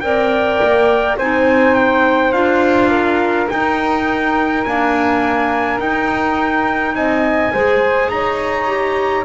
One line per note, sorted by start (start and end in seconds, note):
0.00 0.60 C4
0.00 1.18 A#4
0.00 1.17 D5
0.00 1.15 G5
0.62 1.17 A#3
1.17 2.32 C4
1.17 2.33 D#4
1.17 2.89 C5
1.17 1.75 G#5
1.75 2.32 G5
2.32 3.48 D4
2.32 3.48 F4
2.32 3.47 F5
2.89 6.93 A#4
3.49 4.64 D#4
3.49 4.65 D#4
3.49 4.63 G5
4.63 5.78 A#3
4.63 5.80 D4
4.63 5.79 G#5
5.78 7.51 D#4
5.78 6.94 D#4
5.78 6.95 G5
6.94 7.52 C4
6.94 7.52 D#5
6.94 8.09 G#5
7.52 8.09 G#3
7.52 8.67 G#4
7.52 8.10 C5
8.09 9.25 D#4
8.09 9.25 C#5
8.09 9.24 A#5
8.67 9.24 G4